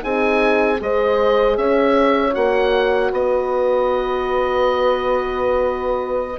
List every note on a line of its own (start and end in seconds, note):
0.00 0.81 C4
0.00 0.77 D#4
0.00 0.81 G#4
0.00 0.81 G#5
0.79 1.57 G#3
0.79 2.33 G#4
0.79 1.58 C5
0.79 1.57 D#5
1.57 2.34 C#4
1.57 3.12 C#5
1.57 2.34 E5
2.33 3.12 A#3
2.33 6.37 F#4
2.33 3.11 F#5
3.12 6.38 B3
3.12 6.38 B4
3.12 6.38 D#5